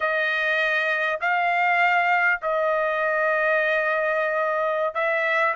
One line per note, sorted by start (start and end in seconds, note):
0.00 1.19 D#5
1.21 2.41 F5
2.42 4.94 D#5
4.94 5.54 E5